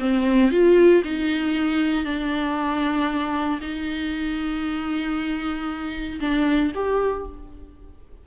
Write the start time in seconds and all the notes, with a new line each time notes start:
0.00 C4
0.51 F4
1.04 D#4
2.05 D4
3.62 D#4
6.21 D4
6.75 G4